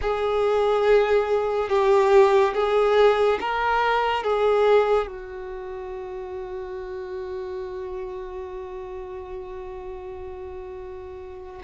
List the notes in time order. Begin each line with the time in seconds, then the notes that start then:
0.01 G#4
1.69 G4
2.54 G#4
3.40 A#4
4.23 G#4
5.07 F#4